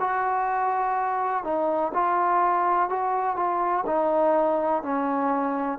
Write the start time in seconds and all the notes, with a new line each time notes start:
0.00 F#4
1.44 D#4
1.94 F4
2.89 F#4
3.37 F4
3.86 D#4
4.83 C#4